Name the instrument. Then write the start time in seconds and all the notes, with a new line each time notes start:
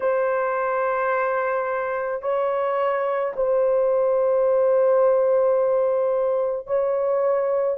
horn
0.00 C5
2.22 C#5
3.36 C5
6.66 C#5